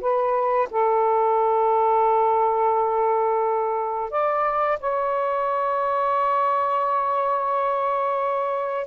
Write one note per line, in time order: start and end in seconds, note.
0.00 0.68 B4
0.70 4.10 A4
4.10 4.79 D5
4.80 8.87 C#5